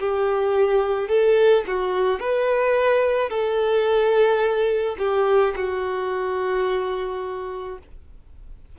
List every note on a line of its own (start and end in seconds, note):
0.00 1.09 G4
1.09 1.65 A4
1.68 2.20 F#4
2.20 3.30 B4
3.30 4.96 A4
4.98 5.54 G4
5.57 7.79 F#4